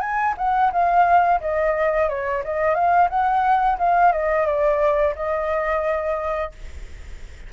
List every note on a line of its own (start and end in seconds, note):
0.00 0.34 G#5
0.37 0.72 F#5
0.72 1.40 F5
1.41 2.09 D#5
2.09 2.43 C#5
2.44 2.75 D#5
2.75 3.09 F5
3.09 3.77 F#5
3.78 4.12 F5
4.12 4.46 D#5
4.46 5.14 D5
5.15 6.52 D#5